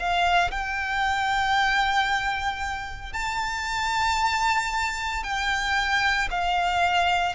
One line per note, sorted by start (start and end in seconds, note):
0.00 0.51 F5
0.51 3.13 G5
3.13 5.24 A5
5.24 6.29 G5
6.31 7.35 F5